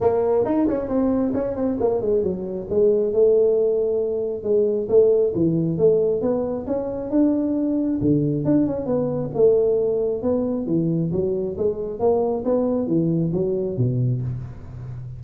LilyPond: \new Staff \with { instrumentName = "tuba" } { \time 4/4 \tempo 4 = 135 ais4 dis'8 cis'8 c'4 cis'8 c'8 | ais8 gis8 fis4 gis4 a4~ | a2 gis4 a4 | e4 a4 b4 cis'4 |
d'2 d4 d'8 cis'8 | b4 a2 b4 | e4 fis4 gis4 ais4 | b4 e4 fis4 b,4 | }